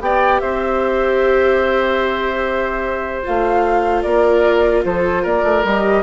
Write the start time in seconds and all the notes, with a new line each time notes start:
0.00 B3 G4 D5 G5
0.40 C4 C5 E5
3.22 A3 F4 F5
4.02 A#3 A#4 D5
4.84 F3 A4 C5
5.22 A#3 A#4 D5
5.42 A3
5.64 G3 G4 D#5